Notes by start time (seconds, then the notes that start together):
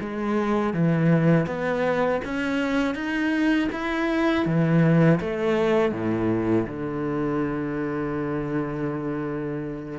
0.00 G#3
0.73 E3
1.46 B3
2.24 C#4
2.94 D#4
3.72 E4
4.45 E3
5.20 A3
5.92 A2
6.67 D3